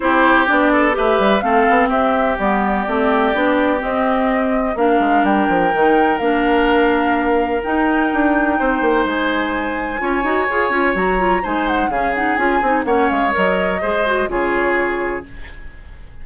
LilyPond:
<<
  \new Staff \with { instrumentName = "flute" } { \time 4/4 \tempo 4 = 126 c''4 d''4 e''4 f''4 | e''4 d''2. | dis''2 f''4 g''4~ | g''4 f''2. |
g''2. gis''4~ | gis''2. ais''4 | gis''8 fis''8 f''8 fis''8 gis''4 fis''8 f''8 | dis''2 cis''2 | }
  \new Staff \with { instrumentName = "oboe" } { \time 4/4 g'4. a'8 b'4 a'4 | g'1~ | g'2 ais'2~ | ais'1~ |
ais'2 c''2~ | c''4 cis''2. | c''4 gis'2 cis''4~ | cis''4 c''4 gis'2 | }
  \new Staff \with { instrumentName = "clarinet" } { \time 4/4 e'4 d'4 g'4 c'4~ | c'4 b4 c'4 d'4 | c'2 d'2 | dis'4 d'2. |
dis'1~ | dis'4 f'8 fis'8 gis'8 f'8 fis'8 f'8 | dis'4 cis'8 dis'8 f'8 dis'8 cis'4 | ais'4 gis'8 fis'8 f'2 | }
  \new Staff \with { instrumentName = "bassoon" } { \time 4/4 c'4 b4 a8 g8 a8 b8 | c'4 g4 a4 b4 | c'2 ais8 gis8 g8 f8 | dis4 ais2. |
dis'4 d'4 c'8 ais8 gis4~ | gis4 cis'8 dis'8 f'8 cis'8 fis4 | gis4 cis4 cis'8 c'8 ais8 gis8 | fis4 gis4 cis2 | }
>>